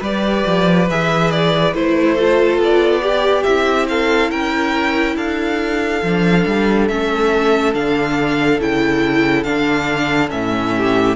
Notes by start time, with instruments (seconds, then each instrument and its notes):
0.00 cello G3, viola G4, violin B4 D5
0.46 cello F3
0.89 cello E3, viola G#4, violin E5
1.31 violin D5
1.73 cello A3, viola E4, violin C5
2.15 viola F4, violin A4
2.57 cello B3, violin D5
3.01 viola G4, violin G4
3.43 cello C4, viola E4, violin E5
3.88 violin A4 F5
4.30 cello C#4, violin A#4 G5
5.15 cello D4, violin A4 F5
6.02 cello F3, viola D4
6.46 cello G3
6.87 cello A3, viola C#4, violin E5
7.73 cello D3, viola D4, violin F5
8.59 cello C#3, viola E4, violin G5
9.43 cello D3, viola D4, violin F5
10.28 cello A2, viola C#4, violin E5
10.77 violin G4